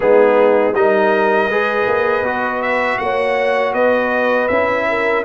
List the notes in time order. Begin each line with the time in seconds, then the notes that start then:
0.00 G#3 B3 D#4 G#4
0.74 G3 D#4 A#4 D#5
1.49 G#3 G#4 B4
1.86 A#3
2.22 B3 F#4
2.62 E5
2.98 A#3 C#5 F#5
3.73 B3 B4 D#5
4.48 C#4 E4 E5
4.89 A#4